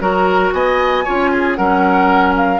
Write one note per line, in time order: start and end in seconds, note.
0.00 0.52 F#3
0.00 1.04 F#4
0.00 0.54 A#4
0.00 0.53 A#5
0.53 1.05 B3
0.53 1.04 D#5
0.53 1.55 G#5
1.04 1.58 C#4
1.04 1.58 F4
1.04 1.30 C#5
1.32 1.57 G#4
1.55 2.59 F#3
1.55 2.59 C#4
1.55 2.59 A#4
1.55 2.34 F#5
2.37 2.59 F5